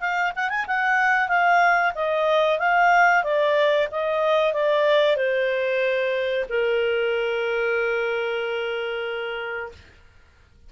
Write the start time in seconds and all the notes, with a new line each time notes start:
0.00 F5
0.35 F#5
0.49 G#5
0.67 F#5
1.28 F5
1.94 D#5
2.59 F5
3.23 D5
3.91 D#5
4.53 D5
5.16 C5
6.49 A#4